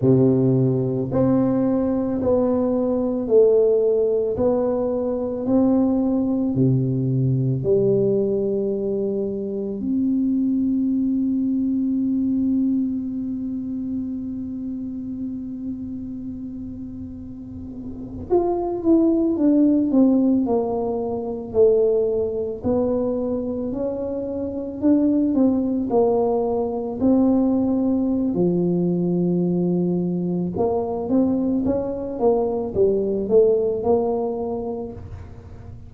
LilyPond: \new Staff \with { instrumentName = "tuba" } { \time 4/4 \tempo 4 = 55 c4 c'4 b4 a4 | b4 c'4 c4 g4~ | g4 c'2.~ | c'1~ |
c'8. f'8 e'8 d'8 c'8 ais4 a16~ | a8. b4 cis'4 d'8 c'8 ais16~ | ais8. c'4~ c'16 f2 | ais8 c'8 cis'8 ais8 g8 a8 ais4 | }